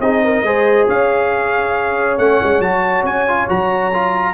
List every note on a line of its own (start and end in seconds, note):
0.00 0.43 C4
0.00 0.46 D#4
0.00 0.23 G#4
0.00 0.88 D#5
0.24 0.46 A#4
0.43 0.86 G#3
0.43 2.19 G#4
0.43 0.89 C5
0.88 2.19 C#4
0.88 4.34 C#5
0.88 2.18 F5
2.18 2.40 A3
2.18 2.63 C#4
2.18 2.62 F#5
2.43 2.60 G#3
2.60 3.03 F#3
2.60 3.28 F#4
2.60 3.05 A5
3.03 3.47 C#4
3.03 3.49 G#5
3.28 3.49 F4
3.49 4.34 F#3
3.49 3.92 F#4
3.49 4.34 A#5
3.94 4.34 F4